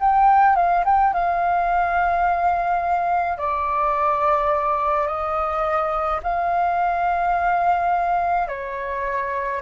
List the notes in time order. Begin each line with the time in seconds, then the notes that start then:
0.00 G5
0.56 F5
0.85 G5
1.14 F5
3.38 D5
5.07 D#5
6.24 F5
8.48 C#5